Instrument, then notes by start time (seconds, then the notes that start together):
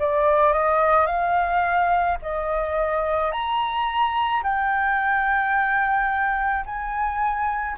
flute
0.00 D5
0.54 D#5
1.07 F5
2.23 D#5
3.32 A#5
4.43 G5
6.66 G#5